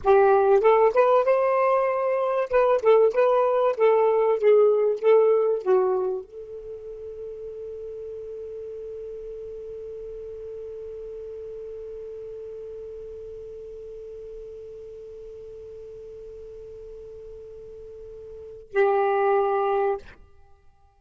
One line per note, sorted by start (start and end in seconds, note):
0.04 0.61 G4
0.61 0.92 A4
0.94 1.24 B4
1.24 2.49 C5
2.50 2.81 B4
2.82 3.13 A4
3.13 3.76 B4
3.77 4.38 A4
4.38 4.99 G#4
4.99 5.62 A4
5.62 6.24 F#4
6.24 18.72 A4
18.72 19.97 G4